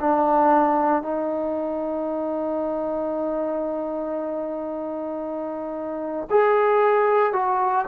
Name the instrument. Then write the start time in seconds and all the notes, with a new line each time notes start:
trombone
0.00 D4
1.02 D#4
6.30 G#4
7.33 F#4